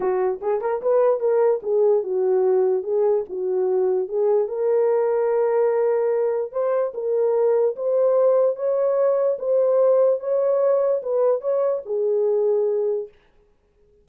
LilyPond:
\new Staff \with { instrumentName = "horn" } { \time 4/4 \tempo 4 = 147 fis'4 gis'8 ais'8 b'4 ais'4 | gis'4 fis'2 gis'4 | fis'2 gis'4 ais'4~ | ais'1 |
c''4 ais'2 c''4~ | c''4 cis''2 c''4~ | c''4 cis''2 b'4 | cis''4 gis'2. | }